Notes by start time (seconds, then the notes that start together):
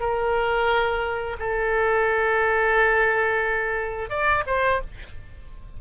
0.00 A#4
1.39 A4
4.10 D5
4.47 C5